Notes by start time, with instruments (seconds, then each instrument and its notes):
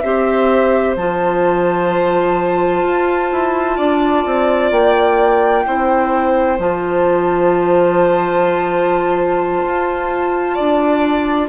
0.00 bassoon C4, clarinet G4, violin C5, flute E5
0.96 bassoon F3, clarinet F4, flute A5
2.84 bassoon F4
3.32 bassoon E4
3.77 bassoon D4, violin D5
4.26 bassoon C4
4.71 bassoon A#3, flute G5
5.67 bassoon C4, clarinet E4, violin C5
6.59 bassoon F3, clarinet F4, flute A5
9.65 bassoon F4
10.54 bassoon D4, violin D5